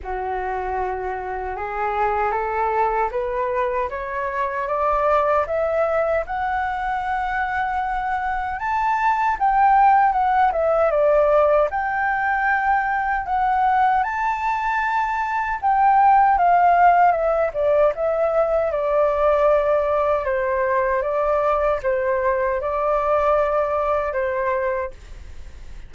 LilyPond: \new Staff \with { instrumentName = "flute" } { \time 4/4 \tempo 4 = 77 fis'2 gis'4 a'4 | b'4 cis''4 d''4 e''4 | fis''2. a''4 | g''4 fis''8 e''8 d''4 g''4~ |
g''4 fis''4 a''2 | g''4 f''4 e''8 d''8 e''4 | d''2 c''4 d''4 | c''4 d''2 c''4 | }